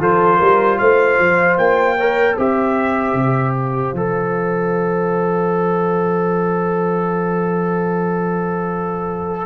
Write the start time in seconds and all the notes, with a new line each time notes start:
0.00 F3 F4 A4 C5
0.38 G3 A#4
0.78 A3 C5 F5
1.19 F3
1.58 A#3 G5
1.98 A#4 C#5
2.35 C4 G4 C5 E5
3.14 C3
3.55 F5
3.93 F3 A4